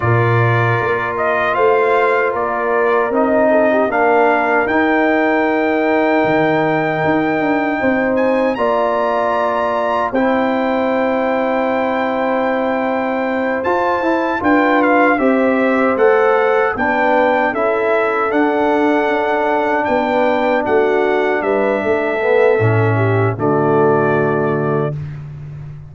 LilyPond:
<<
  \new Staff \with { instrumentName = "trumpet" } { \time 4/4 \tempo 4 = 77 d''4. dis''8 f''4 d''4 | dis''4 f''4 g''2~ | g''2~ g''8 gis''8 ais''4~ | ais''4 g''2.~ |
g''4. a''4 g''8 f''8 e''8~ | e''8 fis''4 g''4 e''4 fis''8~ | fis''4. g''4 fis''4 e''8~ | e''2 d''2 | }
  \new Staff \with { instrumentName = "horn" } { \time 4/4 ais'2 c''4 ais'4~ | ais'8 a'16 g'16 ais'2.~ | ais'2 c''4 d''4~ | d''4 c''2.~ |
c''2~ c''8 b'4 c''8~ | c''4. b'4 a'4.~ | a'4. b'4 fis'4 b'8 | a'4. g'8 fis'2 | }
  \new Staff \with { instrumentName = "trombone" } { \time 4/4 f'1 | dis'4 d'4 dis'2~ | dis'2. f'4~ | f'4 e'2.~ |
e'4. f'8 e'8 f'4 g'8~ | g'8 a'4 d'4 e'4 d'8~ | d'1~ | d'8 b8 cis'4 a2 | }
  \new Staff \with { instrumentName = "tuba" } { \time 4/4 ais,4 ais4 a4 ais4 | c'4 ais4 dis'2 | dis4 dis'8 d'8 c'4 ais4~ | ais4 c'2.~ |
c'4. f'8 e'8 d'4 c'8~ | c'8 a4 b4 cis'4 d'8~ | d'8 cis'4 b4 a4 g8 | a4 a,4 d2 | }
>>